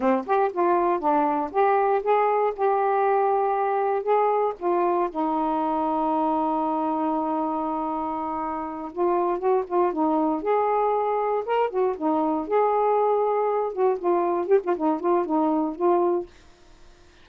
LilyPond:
\new Staff \with { instrumentName = "saxophone" } { \time 4/4 \tempo 4 = 118 c'8 g'8 f'4 d'4 g'4 | gis'4 g'2. | gis'4 f'4 dis'2~ | dis'1~ |
dis'4. f'4 fis'8 f'8 dis'8~ | dis'8 gis'2 ais'8 fis'8 dis'8~ | dis'8 gis'2~ gis'8 fis'8 f'8~ | f'8 g'16 f'16 dis'8 f'8 dis'4 f'4 | }